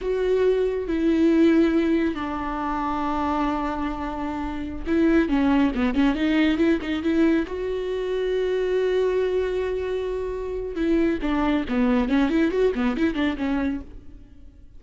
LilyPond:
\new Staff \with { instrumentName = "viola" } { \time 4/4 \tempo 4 = 139 fis'2 e'2~ | e'4 d'2.~ | d'2.~ d'16 e'8.~ | e'16 cis'4 b8 cis'8 dis'4 e'8 dis'16~ |
dis'16 e'4 fis'2~ fis'8.~ | fis'1~ | fis'4 e'4 d'4 b4 | cis'8 e'8 fis'8 b8 e'8 d'8 cis'4 | }